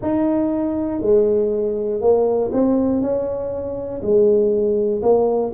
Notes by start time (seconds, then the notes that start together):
0.01 D#4
1.00 G#3
2.00 A#3
2.52 C4
3.01 C#4
4.01 G#3
5.02 A#3